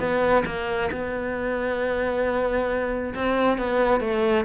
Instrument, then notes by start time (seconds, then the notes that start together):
cello
0.00 B3
0.46 A#3
0.92 B3
3.15 C4
3.58 B3
4.01 A3